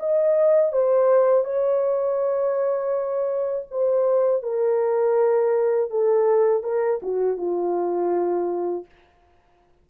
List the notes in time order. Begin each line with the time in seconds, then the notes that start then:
0.00 D#5
0.73 C5
1.45 C#5
3.71 C5
4.43 A#4
5.91 A4
6.64 A#4
7.03 F#4
7.37 F4